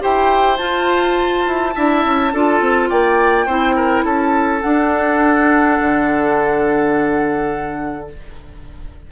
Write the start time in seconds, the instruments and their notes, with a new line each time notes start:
0.00 bassoon E4, clarinet G4, oboe C5, flute G5
0.57 clarinet F4, bassoon F4, flute A5
1.47 bassoon E4
1.75 bassoon D4, clarinet E4, oboe E5
2.06 bassoon C#4
2.33 bassoon D4, clarinet F4, oboe A4
2.61 bassoon C4
2.90 bassoon A#3, oboe D5, flute G5
3.47 bassoon C4, clarinet E4, oboe C5
3.76 oboe A#4
4.05 bassoon C#4, oboe A4, flute A5
4.62 clarinet D4, bassoon D4, flute F#5
5.81 bassoon D3